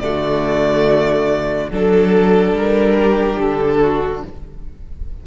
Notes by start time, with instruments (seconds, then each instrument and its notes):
0.00 cello D3, viola A3, violin F#4 D5
1.71 cello F#3, viola D4, violin A4
2.52 cello G3, violin A#4
3.00 violin G4
3.39 cello D3, violin A4
3.82 violin F#4